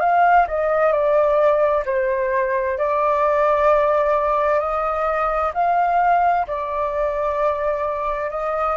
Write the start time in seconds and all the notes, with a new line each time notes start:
0.00 F5
0.48 D#5
0.92 D5
1.85 C5
2.78 D5
4.59 D#5
5.54 F5
6.47 D5
8.30 D#5